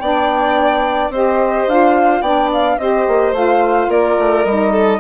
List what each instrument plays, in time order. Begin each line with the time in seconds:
0.00 bassoon B3, saxophone D4, violin D5, flute G5
1.10 bassoon C4, saxophone G4, violin C5, flute D#5
1.67 bassoon D4, saxophone F4, flute F5
2.22 bassoon B3, saxophone D4, violin D5, flute G5
2.54 flute F5
2.79 bassoon C4, saxophone G4, violin C5, flute D#5
3.08 bassoon A#3
3.33 bassoon A3, saxophone F4, flute F5
3.89 bassoon A#3, violin A#4, flute D5
4.19 bassoon A3
4.45 bassoon G3, saxophone D#4, flute D#5
4.72 violin A4